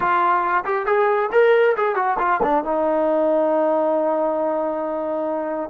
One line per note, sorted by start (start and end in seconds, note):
0.00 0.64 F4
0.65 0.86 G4
0.86 1.30 G#4
1.32 1.75 A#4
1.76 1.95 G#4
1.95 2.17 F#4
2.18 2.40 F4
2.42 2.64 D4
2.64 5.70 D#4